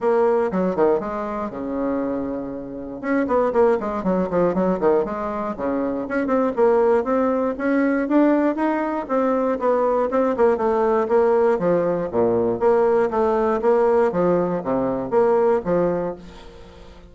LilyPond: \new Staff \with { instrumentName = "bassoon" } { \time 4/4 \tempo 4 = 119 ais4 fis8 dis8 gis4 cis4~ | cis2 cis'8 b8 ais8 gis8 | fis8 f8 fis8 dis8 gis4 cis4 | cis'8 c'8 ais4 c'4 cis'4 |
d'4 dis'4 c'4 b4 | c'8 ais8 a4 ais4 f4 | ais,4 ais4 a4 ais4 | f4 c4 ais4 f4 | }